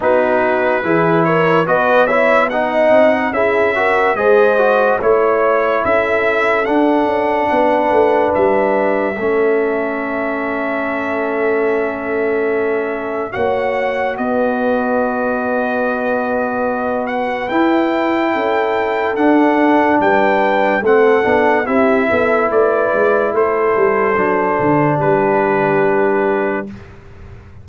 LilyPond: <<
  \new Staff \with { instrumentName = "trumpet" } { \time 4/4 \tempo 4 = 72 b'4. cis''8 dis''8 e''8 fis''4 | e''4 dis''4 cis''4 e''4 | fis''2 e''2~ | e''1 |
fis''4 dis''2.~ | dis''8 fis''8 g''2 fis''4 | g''4 fis''4 e''4 d''4 | c''2 b'2 | }
  \new Staff \with { instrumentName = "horn" } { \time 4/4 fis'4 gis'8 ais'8 b'8 cis''8 dis''4 | gis'8 ais'8 c''4 cis''4 a'4~ | a'4 b'2 a'4~ | a'1 |
cis''4 b'2.~ | b'2 a'2 | b'4 a'4 g'8 a'8 b'4 | a'2 g'2 | }
  \new Staff \with { instrumentName = "trombone" } { \time 4/4 dis'4 e'4 fis'8 e'8 dis'4 | e'8 fis'8 gis'8 fis'8 e'2 | d'2. cis'4~ | cis'1 |
fis'1~ | fis'4 e'2 d'4~ | d'4 c'8 d'8 e'2~ | e'4 d'2. | }
  \new Staff \with { instrumentName = "tuba" } { \time 4/4 b4 e4 b4. c'8 | cis'4 gis4 a4 cis'4 | d'8 cis'8 b8 a8 g4 a4~ | a1 |
ais4 b2.~ | b4 e'4 cis'4 d'4 | g4 a8 b8 c'8 b8 a8 gis8 | a8 g8 fis8 d8 g2 | }
>>